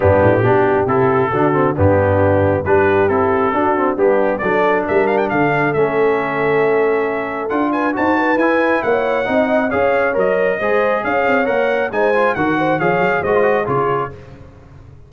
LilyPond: <<
  \new Staff \with { instrumentName = "trumpet" } { \time 4/4 \tempo 4 = 136 g'2 a'2 | g'2 b'4 a'4~ | a'4 g'4 d''4 e''8 f''16 g''16 | f''4 e''2.~ |
e''4 fis''8 gis''8 a''4 gis''4 | fis''2 f''4 dis''4~ | dis''4 f''4 fis''4 gis''4 | fis''4 f''4 dis''4 cis''4 | }
  \new Staff \with { instrumentName = "horn" } { \time 4/4 d'4 g'2 fis'4 | d'2 g'2 | fis'4 d'4 a'4 ais'4 | a'1~ |
a'4. b'8 c''8 b'4. | cis''4 dis''4 cis''2 | c''4 cis''2 c''4 | ais'8 c''8 cis''4 c''4 gis'4 | }
  \new Staff \with { instrumentName = "trombone" } { \time 4/4 b4 d'4 e'4 d'8 c'8 | b2 d'4 e'4 | d'8 c'8 b4 d'2~ | d'4 cis'2.~ |
cis'4 f'4 fis'4 e'4~ | e'4 dis'4 gis'4 ais'4 | gis'2 ais'4 dis'8 f'8 | fis'4 gis'4 fis'16 f'16 fis'8 f'4 | }
  \new Staff \with { instrumentName = "tuba" } { \time 4/4 g,8 a,8 b,4 c4 d4 | g,2 g4 c'4 | d'4 g4 fis4 g4 | d4 a2.~ |
a4 d'4 dis'4 e'4 | ais4 c'4 cis'4 fis4 | gis4 cis'8 c'8 ais4 gis4 | dis4 f8 fis8 gis4 cis4 | }
>>